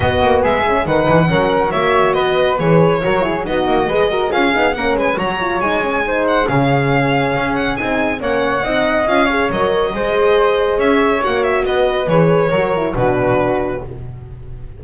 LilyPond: <<
  \new Staff \with { instrumentName = "violin" } { \time 4/4 \tempo 4 = 139 dis''4 e''4 fis''2 | e''4 dis''4 cis''2 | dis''2 f''4 fis''8 gis''8 | ais''4 gis''4. fis''8 f''4~ |
f''4. fis''8 gis''4 fis''4~ | fis''4 f''4 dis''2~ | dis''4 e''4 fis''8 e''8 dis''4 | cis''2 b'2 | }
  \new Staff \with { instrumentName = "flute" } { \time 4/4 fis'4 gis'4 b'4 ais'4 | cis''4 b'2 ais'8 gis'8 | fis'4 b'8 ais'8 gis'4 ais'8 b'8 | cis''2 c''4 gis'4~ |
gis'2. cis''4 | dis''4. cis''4. c''4~ | c''4 cis''2 b'4~ | b'4 ais'4 fis'2 | }
  \new Staff \with { instrumentName = "horn" } { \time 4/4 b4. cis'8 dis'4 cis'4 | fis'2 gis'4 fis'8 e'8 | dis'4 gis'8 fis'8 f'8 dis'8 cis'4 | fis'8 f'8 dis'8 cis'8 dis'4 cis'4~ |
cis'2 dis'4 cis'4 | dis'4 f'8 gis'8 ais'4 gis'4~ | gis'2 fis'2 | gis'4 fis'8 e'8 d'2 | }
  \new Staff \with { instrumentName = "double bass" } { \time 4/4 b8 ais8 gis4 dis8 e8 fis4 | ais4 b4 e4 fis4 | b8 ais8 gis4 cis'8 b8 ais8 gis8 | fis4 gis2 cis4~ |
cis4 cis'4 c'4 ais4 | c'4 cis'4 fis4 gis4~ | gis4 cis'4 ais4 b4 | e4 fis4 b,2 | }
>>